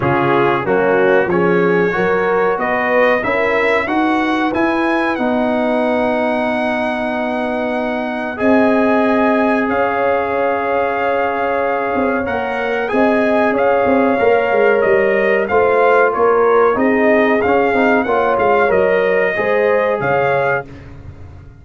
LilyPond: <<
  \new Staff \with { instrumentName = "trumpet" } { \time 4/4 \tempo 4 = 93 gis'4 fis'4 cis''2 | dis''4 e''4 fis''4 gis''4 | fis''1~ | fis''4 gis''2 f''4~ |
f''2. fis''4 | gis''4 f''2 dis''4 | f''4 cis''4 dis''4 f''4 | fis''8 f''8 dis''2 f''4 | }
  \new Staff \with { instrumentName = "horn" } { \time 4/4 f'4 cis'4 gis'4 ais'4 | b'4 ais'4 b'2~ | b'1~ | b'4 dis''2 cis''4~ |
cis''1 | dis''4 cis''2. | c''4 ais'4 gis'2 | cis''2 c''4 cis''4 | }
  \new Staff \with { instrumentName = "trombone" } { \time 4/4 cis'4 ais4 cis'4 fis'4~ | fis'4 e'4 fis'4 e'4 | dis'1~ | dis'4 gis'2.~ |
gis'2. ais'4 | gis'2 ais'2 | f'2 dis'4 cis'8 dis'8 | f'4 ais'4 gis'2 | }
  \new Staff \with { instrumentName = "tuba" } { \time 4/4 cis4 fis4 f4 fis4 | b4 cis'4 dis'4 e'4 | b1~ | b4 c'2 cis'4~ |
cis'2~ cis'8 c'8 ais4 | c'4 cis'8 c'8 ais8 gis8 g4 | a4 ais4 c'4 cis'8 c'8 | ais8 gis8 fis4 gis4 cis4 | }
>>